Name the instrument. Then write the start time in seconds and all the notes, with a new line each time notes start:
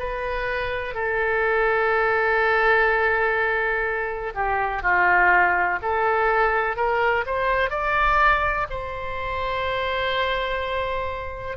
oboe
0.00 B4
0.95 A4
4.35 G4
4.83 F4
5.82 A4
6.77 A#4
7.26 C5
7.71 D5
8.71 C5